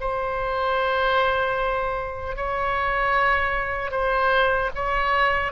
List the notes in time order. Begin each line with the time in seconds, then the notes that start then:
0.00 C5
2.36 C#5
3.91 C5
4.75 C#5